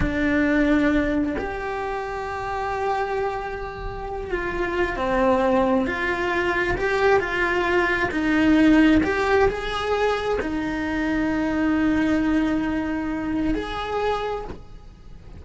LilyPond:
\new Staff \with { instrumentName = "cello" } { \time 4/4 \tempo 4 = 133 d'2. g'4~ | g'1~ | g'4. f'4. c'4~ | c'4 f'2 g'4 |
f'2 dis'2 | g'4 gis'2 dis'4~ | dis'1~ | dis'2 gis'2 | }